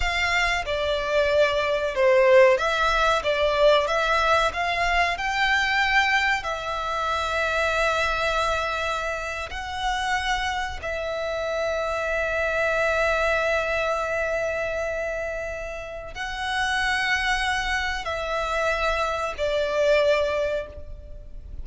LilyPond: \new Staff \with { instrumentName = "violin" } { \time 4/4 \tempo 4 = 93 f''4 d''2 c''4 | e''4 d''4 e''4 f''4 | g''2 e''2~ | e''2~ e''8. fis''4~ fis''16~ |
fis''8. e''2.~ e''16~ | e''1~ | e''4 fis''2. | e''2 d''2 | }